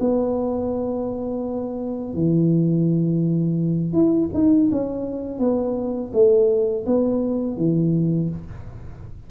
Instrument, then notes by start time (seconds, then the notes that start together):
tuba
0.00 B3
2.14 E3
3.93 E4
4.34 D#4
4.72 C#4
5.39 B3
6.13 A3
6.86 B3
7.57 E3